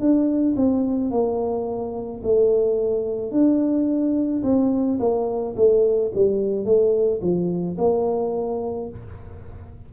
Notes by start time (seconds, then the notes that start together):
0.00 D4
0.57 C4
1.11 A#3
2.24 A3
3.32 D4
4.43 C4
5.00 A#3
5.57 A3
6.15 G3
6.65 A3
7.22 F3
7.78 A#3